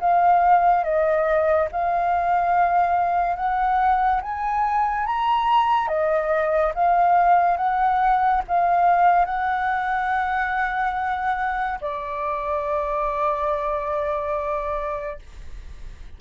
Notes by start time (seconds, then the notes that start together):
0.00 F5
0.84 D#5
1.72 F5
3.36 F#5
4.22 G#5
5.06 A#5
5.88 D#5
6.75 F5
7.57 F#5
8.48 F5
9.25 F#5
11.81 D5